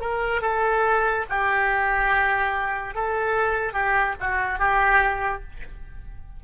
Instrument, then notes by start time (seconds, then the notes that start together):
oboe
0.00 A#4
0.42 A4
1.30 G4
2.94 A4
3.73 G4
4.20 F#4
4.59 G4